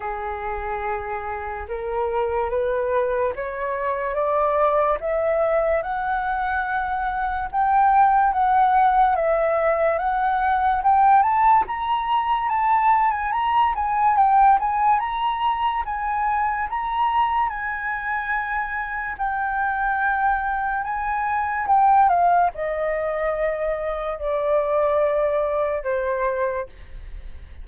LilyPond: \new Staff \with { instrumentName = "flute" } { \time 4/4 \tempo 4 = 72 gis'2 ais'4 b'4 | cis''4 d''4 e''4 fis''4~ | fis''4 g''4 fis''4 e''4 | fis''4 g''8 a''8 ais''4 a''8. gis''16 |
ais''8 gis''8 g''8 gis''8 ais''4 gis''4 | ais''4 gis''2 g''4~ | g''4 gis''4 g''8 f''8 dis''4~ | dis''4 d''2 c''4 | }